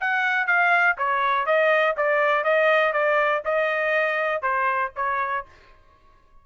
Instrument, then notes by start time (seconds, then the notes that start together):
trumpet
0.00 F#5
0.46 F5
0.97 C#5
1.46 D#5
1.97 D5
2.43 D#5
2.92 D5
3.44 D#5
4.42 C5
4.96 C#5